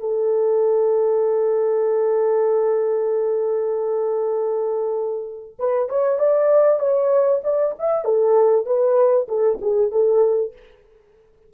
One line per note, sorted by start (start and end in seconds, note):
0.00 5.57 A4
5.59 5.89 B4
5.89 6.19 C#5
6.19 6.80 D5
6.80 7.41 C#5
7.44 7.75 D5
7.79 8.05 E5
8.05 8.66 A4
8.66 9.28 B4
9.28 9.59 A4
9.62 9.91 G#4
9.91 10.53 A4